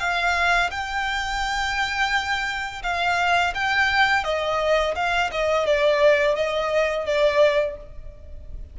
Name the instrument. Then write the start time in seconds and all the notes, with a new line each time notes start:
violin
0.00 F5
0.71 G5
2.84 F5
3.55 G5
4.25 D#5
4.96 F5
5.32 D#5
5.67 D5
6.36 D#5
7.07 D5